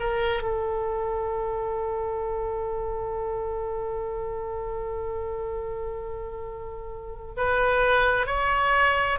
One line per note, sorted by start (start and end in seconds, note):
0.00 0.42 A#4
0.42 7.35 A4
7.37 8.27 B4
8.27 9.19 C#5